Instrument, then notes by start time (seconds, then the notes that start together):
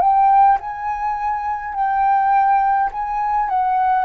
flute
0.00 G5
0.60 G#5
1.74 G5
2.92 G#5
3.49 F#5